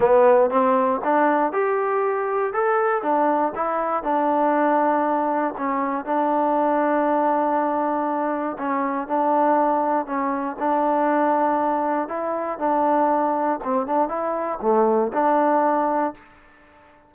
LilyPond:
\new Staff \with { instrumentName = "trombone" } { \time 4/4 \tempo 4 = 119 b4 c'4 d'4 g'4~ | g'4 a'4 d'4 e'4 | d'2. cis'4 | d'1~ |
d'4 cis'4 d'2 | cis'4 d'2. | e'4 d'2 c'8 d'8 | e'4 a4 d'2 | }